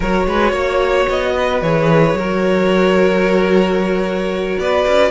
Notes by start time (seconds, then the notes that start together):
0.00 F#3 F#4 A#4 C#5
0.26 G#3 B4
0.51 A#3 C#5
1.08 B3 D#5
1.37 B4
1.61 E3 G#4 C#5
2.13 F#3 F#4 A#4
4.58 B3 B4 D5
4.87 C#4